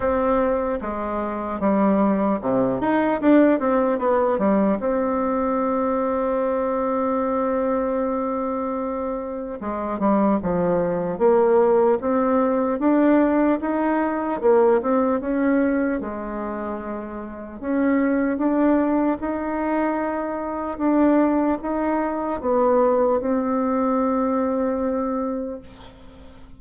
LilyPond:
\new Staff \with { instrumentName = "bassoon" } { \time 4/4 \tempo 4 = 75 c'4 gis4 g4 c8 dis'8 | d'8 c'8 b8 g8 c'2~ | c'1 | gis8 g8 f4 ais4 c'4 |
d'4 dis'4 ais8 c'8 cis'4 | gis2 cis'4 d'4 | dis'2 d'4 dis'4 | b4 c'2. | }